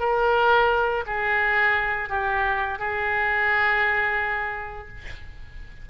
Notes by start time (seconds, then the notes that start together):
0.00 A#4
1.07 G#4
2.10 G4
2.79 G#4